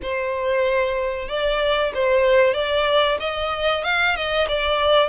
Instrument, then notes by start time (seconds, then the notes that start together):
violin
0.02 C5
1.28 D5
1.94 C5
2.54 D5
3.20 D#5
3.84 F5
4.15 D#5
4.48 D5